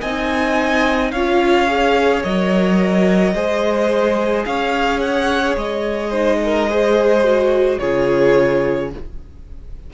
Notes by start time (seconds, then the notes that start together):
0.00 C4 D#4 D#5 G#5
1.11 C#4 F4 C#5 F5
1.66 G#4
2.23 F#3 A#4 D#5
3.34 G#3 G#4 C5
4.44 C#4 C#5 F5
4.99 F#5
5.56 G#3 D#5
6.09 D#4 C5
6.44 A#4
6.70 G#4 C5
7.23 F#4
7.79 C#3 F4 G#4 C#5